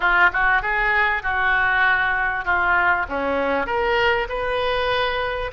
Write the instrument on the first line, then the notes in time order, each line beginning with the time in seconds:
oboe
0.00 F4
0.32 F#4
0.62 G#4
1.22 F#4
2.45 F4
3.08 C#4
3.66 A#4
4.29 B4